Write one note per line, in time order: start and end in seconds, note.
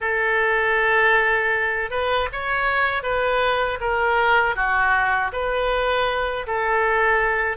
0.00 1.90 A4
1.90 2.28 B4
2.32 3.02 C#5
3.02 3.78 B4
3.80 4.55 A#4
4.55 5.31 F#4
5.32 6.46 B4
6.46 7.57 A4